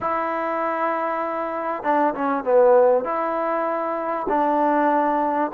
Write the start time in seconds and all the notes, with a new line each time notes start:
0.00 E4
1.83 D4
2.14 C#4
2.44 B3
3.04 E4
4.28 D4